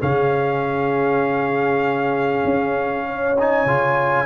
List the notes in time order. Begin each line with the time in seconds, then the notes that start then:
0.00 C#3 C#4 G#4 F5
2.45 C#4
3.07 C#5
3.39 D#4 G#5
3.65 C#3 F4